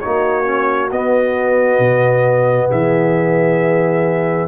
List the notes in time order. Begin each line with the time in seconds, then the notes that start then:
0.00 A#3 D#4 F#4 C#5
0.44 C#4
0.91 B3 D#5
1.79 B2
2.69 E3 G#4 E5